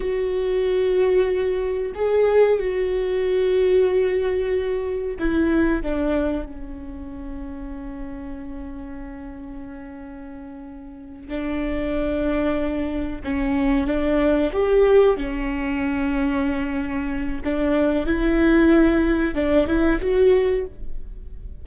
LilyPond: \new Staff \with { instrumentName = "viola" } { \time 4/4 \tempo 4 = 93 fis'2. gis'4 | fis'1 | e'4 d'4 cis'2~ | cis'1~ |
cis'4. d'2~ d'8~ | d'8 cis'4 d'4 g'4 cis'8~ | cis'2. d'4 | e'2 d'8 e'8 fis'4 | }